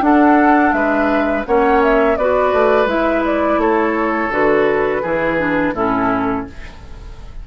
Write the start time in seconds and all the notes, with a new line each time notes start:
0.00 D4 A4 F#5
0.72 G#3 B4 E5
1.46 A#3 C#4 C#5 F#5
1.83 E5
2.16 B3 F#4 B4 D5
2.53 A3
2.85 G#3 E4 E5
3.25 D5
3.57 A3 A4 C#5
4.30 D3 F#4 B4
5.02 E3 E4 G#4
5.38 D4
5.73 A2 C#4 E4 A4